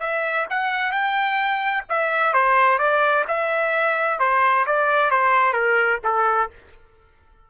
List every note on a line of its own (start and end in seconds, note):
0.00 0.46 E5
0.50 0.92 F#5
0.92 1.84 G5
1.89 2.34 E5
2.34 2.79 C5
2.79 3.25 D5
3.28 4.19 E5
4.19 4.66 C5
4.66 5.11 D5
5.11 5.53 C5
5.53 5.99 A#4
6.04 6.50 A4